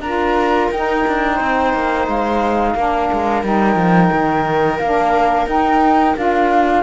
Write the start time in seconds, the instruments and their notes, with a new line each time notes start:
0.00 cello D4, saxophone F4, viola A#4, flute A#5
0.71 cello D#4, saxophone D#4, flute G5
1.07 cello D4
1.34 cello C4, viola C5
1.74 cello A#3
2.07 cello G#3, flute F5
2.74 cello A#3, saxophone D4, viola A#4
3.12 cello G#3
3.42 cello G3, saxophone D#4, flute G5
3.75 cello F3
4.12 cello D#3
4.78 cello A#3, saxophone D4, flute F5
5.46 cello D#4, saxophone D#4, flute G5
6.16 cello D4, saxophone F4, flute F5